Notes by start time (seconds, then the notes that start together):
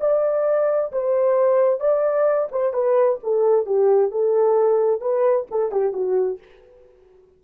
0.00 D5
0.92 C5
1.80 D5
2.52 C5
2.73 B4
3.23 A4
3.66 G4
4.11 A4
5.01 B4
5.51 A4
5.71 G4
5.93 F#4